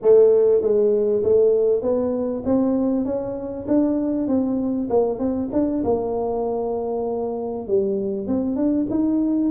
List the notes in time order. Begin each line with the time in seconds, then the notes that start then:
0.01 A3
0.61 G#3
1.23 A3
1.82 B3
2.45 C4
3.05 C#4
3.67 D4
4.27 C4
4.89 A#3
5.18 C4
5.52 D4
5.84 A#3
7.67 G3
8.27 C4
8.55 D4
8.89 D#4